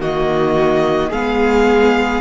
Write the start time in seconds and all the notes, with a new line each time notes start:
0.00 D#3 A#3 F#4 D#5
1.09 G#3 B3 G#4 F5